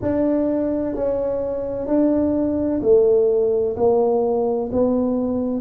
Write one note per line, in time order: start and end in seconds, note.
0.02 0.95 D4
0.95 1.87 C#4
1.87 2.80 D4
2.82 3.75 A3
3.76 4.70 A#3
4.72 5.61 B3